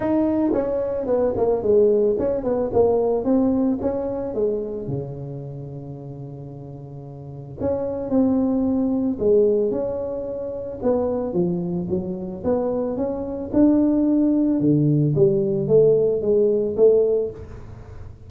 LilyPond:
\new Staff \with { instrumentName = "tuba" } { \time 4/4 \tempo 4 = 111 dis'4 cis'4 b8 ais8 gis4 | cis'8 b8 ais4 c'4 cis'4 | gis4 cis2.~ | cis2 cis'4 c'4~ |
c'4 gis4 cis'2 | b4 f4 fis4 b4 | cis'4 d'2 d4 | g4 a4 gis4 a4 | }